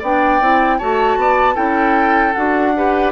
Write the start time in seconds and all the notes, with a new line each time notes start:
0.00 B3 D4 D5 G5
0.41 C4 E4
0.79 A3 F#4 C#5 A5
1.17 B3 D5
1.55 C#4 E4 A4 G5
2.33 D4 F#4 F#5
2.76 G4 B4